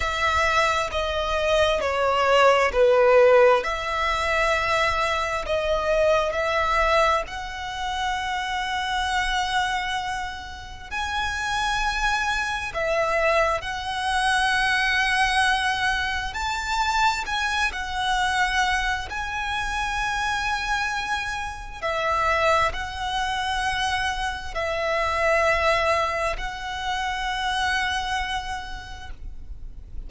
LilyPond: \new Staff \with { instrumentName = "violin" } { \time 4/4 \tempo 4 = 66 e''4 dis''4 cis''4 b'4 | e''2 dis''4 e''4 | fis''1 | gis''2 e''4 fis''4~ |
fis''2 a''4 gis''8 fis''8~ | fis''4 gis''2. | e''4 fis''2 e''4~ | e''4 fis''2. | }